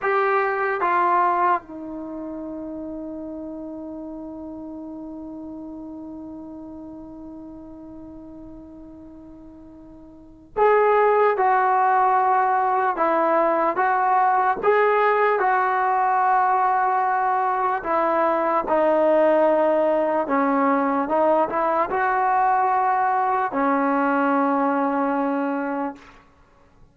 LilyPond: \new Staff \with { instrumentName = "trombone" } { \time 4/4 \tempo 4 = 74 g'4 f'4 dis'2~ | dis'1~ | dis'1~ | dis'4 gis'4 fis'2 |
e'4 fis'4 gis'4 fis'4~ | fis'2 e'4 dis'4~ | dis'4 cis'4 dis'8 e'8 fis'4~ | fis'4 cis'2. | }